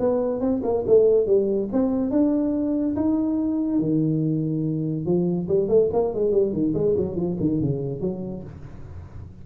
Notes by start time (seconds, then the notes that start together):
0.00 B3
0.41 C4
0.63 A#3
0.87 A3
1.27 G3
1.73 C4
2.11 D4
2.96 D#4
3.79 D#3
5.06 F3
5.48 G3
5.69 A3
5.93 A#3
6.14 G#3
6.32 G3
6.53 D#3
6.74 G#3
6.97 F#3
7.16 F3
7.40 D#3
7.61 C#3
8.01 F#3